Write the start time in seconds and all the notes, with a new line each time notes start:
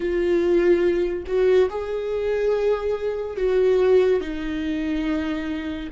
0.00 F4
1.26 F#4
1.69 G#4
3.36 F#4
4.20 D#4